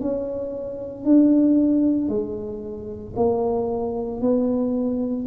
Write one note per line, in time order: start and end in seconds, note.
0.00 1.04 C#4
1.04 2.09 D4
2.09 3.14 G#3
3.16 4.21 A#3
4.21 5.26 B3